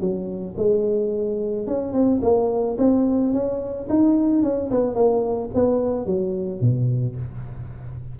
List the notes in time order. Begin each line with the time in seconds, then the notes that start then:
0.00 F#3
0.57 G#3
1.67 C#4
1.93 C4
2.22 A#3
2.78 C4
3.33 C#4
3.89 D#4
4.43 C#4
4.70 B3
4.94 A#3
5.54 B3
6.06 F#3
6.61 B2